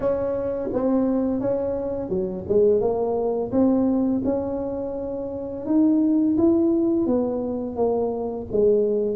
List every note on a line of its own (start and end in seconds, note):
0.00 0.69 C#4
0.72 1.40 C4
1.40 2.09 C#4
2.09 2.44 F#3
2.48 2.80 G#3
2.80 3.51 A#3
3.51 4.22 C4
4.24 5.65 C#4
5.65 6.36 D#4
6.37 7.06 E4
7.06 7.76 B3
7.76 8.46 A#3
8.51 9.16 G#3